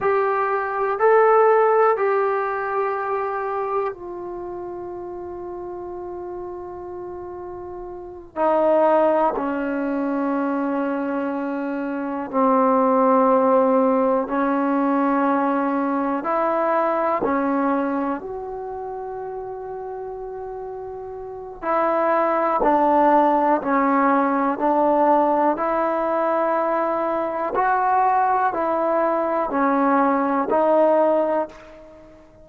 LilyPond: \new Staff \with { instrumentName = "trombone" } { \time 4/4 \tempo 4 = 61 g'4 a'4 g'2 | f'1~ | f'8 dis'4 cis'2~ cis'8~ | cis'8 c'2 cis'4.~ |
cis'8 e'4 cis'4 fis'4.~ | fis'2 e'4 d'4 | cis'4 d'4 e'2 | fis'4 e'4 cis'4 dis'4 | }